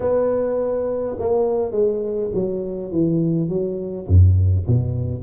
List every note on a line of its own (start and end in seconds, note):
0.00 1.17 B3
1.18 1.71 A#3
1.71 2.30 G#3
2.34 2.91 F#3
2.91 3.48 E3
3.48 4.06 F#3
4.07 4.65 F#2
4.67 5.23 B2